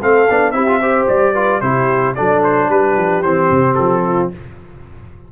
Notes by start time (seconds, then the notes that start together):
0.00 A3 C4 A4 F5
0.30 B3 D4
0.51 C4 E4 G4 E5
0.67 F4
0.80 G4 C5
1.08 G3 D5
1.33 F4 B4
1.61 C3 E4 G4 C5
2.15 F#3 D4 A4 D5
2.43 C5
2.68 G3 G4 B4
2.96 F3
3.22 E3 C4 C5
3.51 C3
3.74 F3 A4
4.05 F4